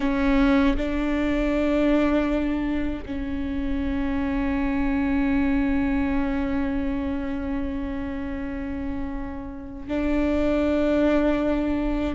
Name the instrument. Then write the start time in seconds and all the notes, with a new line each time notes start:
viola
0.00 C#4
0.76 D4
3.05 C#4
9.88 D4